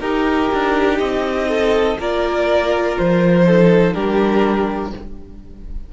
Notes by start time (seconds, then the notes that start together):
0.00 D#4 G4 A#4
0.54 D4
1.00 C4 D#5
1.48 A4
1.99 A#3 F4 A#4 D5
2.98 F3 C5
3.44 D#4 A4
3.93 G3 D4 G4 A#4